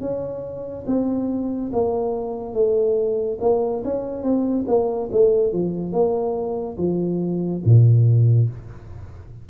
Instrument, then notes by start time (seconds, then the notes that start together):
tuba
0.00 C#4
0.86 C4
1.72 A#3
2.54 A3
3.40 A#3
3.84 C#4
4.23 C4
4.67 A#3
5.12 A3
5.52 F3
5.92 A#3
6.77 F3
7.65 A#2